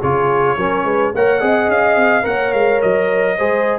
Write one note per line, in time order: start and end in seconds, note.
0.00 0.57 C#3
0.00 0.57 F4
0.00 0.56 G#4
0.00 1.14 C#5
0.57 0.84 F#3
0.57 1.14 C#4
0.57 0.84 A#4
0.84 1.12 G#3
0.84 1.12 B4
1.14 1.42 A#3
1.14 1.40 A#4
1.14 1.41 C#5
1.14 1.70 F#5
1.40 1.68 C4
1.40 2.23 G#4
1.40 2.25 D#5
1.68 1.96 C#4
1.68 2.25 F5
1.96 2.24 C4
2.23 2.53 A#3
2.23 3.35 A#4
2.23 3.37 C#5
2.23 2.53 F#5
2.53 2.81 G#3
2.53 2.81 F5
2.82 3.39 F#3
2.82 3.79 D#5
3.37 3.79 G#3
3.37 3.79 G#4
3.37 3.79 C5